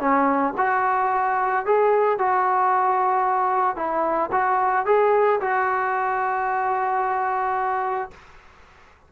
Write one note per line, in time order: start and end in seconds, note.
0.00 0.54 C#4
0.58 1.66 F#4
1.66 2.19 G#4
2.19 3.76 F#4
3.76 4.30 E4
4.32 4.86 F#4
4.86 5.40 G#4
5.41 8.11 F#4